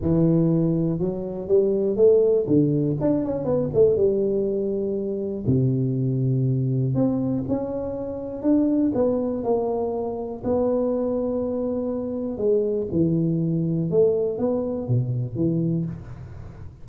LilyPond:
\new Staff \with { instrumentName = "tuba" } { \time 4/4 \tempo 4 = 121 e2 fis4 g4 | a4 d4 d'8 cis'8 b8 a8 | g2. c4~ | c2 c'4 cis'4~ |
cis'4 d'4 b4 ais4~ | ais4 b2.~ | b4 gis4 e2 | a4 b4 b,4 e4 | }